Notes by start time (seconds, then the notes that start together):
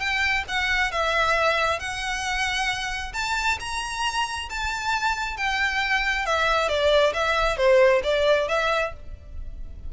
0.00 G5
0.49 F#5
0.92 E5
1.80 F#5
3.14 A5
3.60 A#5
4.50 A5
5.37 G5
6.26 E5
6.69 D5
7.14 E5
7.57 C5
8.04 D5
8.49 E5